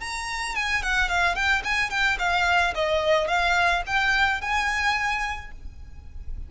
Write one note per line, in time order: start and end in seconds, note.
0.00 0.55 A#5
0.55 0.82 G#5
0.82 1.09 F#5
1.09 1.35 F5
1.35 1.62 G5
1.64 1.90 G#5
1.90 2.17 G5
2.19 2.74 F5
2.75 3.28 D#5
3.28 3.83 F5
3.86 4.41 G5
4.41 5.51 G#5